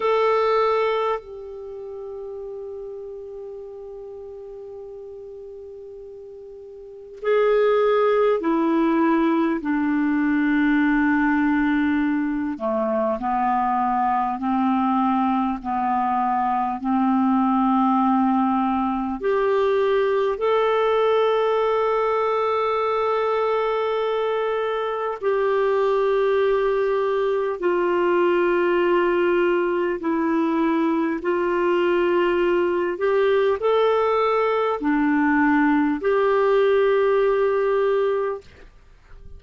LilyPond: \new Staff \with { instrumentName = "clarinet" } { \time 4/4 \tempo 4 = 50 a'4 g'2.~ | g'2 gis'4 e'4 | d'2~ d'8 a8 b4 | c'4 b4 c'2 |
g'4 a'2.~ | a'4 g'2 f'4~ | f'4 e'4 f'4. g'8 | a'4 d'4 g'2 | }